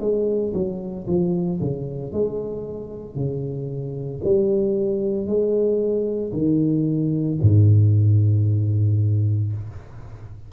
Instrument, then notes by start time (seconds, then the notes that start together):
tuba
0.00 G#3
0.54 F#3
1.07 F3
1.60 C#3
2.12 G#3
3.15 C#3
4.24 G3
5.26 G#3
6.33 D#3
7.42 G#2